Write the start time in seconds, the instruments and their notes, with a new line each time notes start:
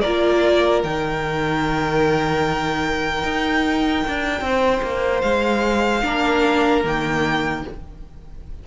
0.00 cello A#3, violin A#4 D5
0.06 viola F4
0.83 cello D#3, viola D#4, violin G5
3.23 cello D#4
4.07 cello D4
4.41 cello C4, violin C5
4.82 cello A#3
5.21 cello G#3, violin F5
6.03 cello A#3, viola D4, violin A#4
6.84 cello D#3, viola A#3, violin G5